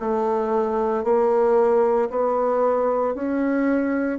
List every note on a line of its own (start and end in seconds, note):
0.00 1.04 A3
1.04 2.09 A#3
2.10 3.15 B3
3.15 4.19 C#4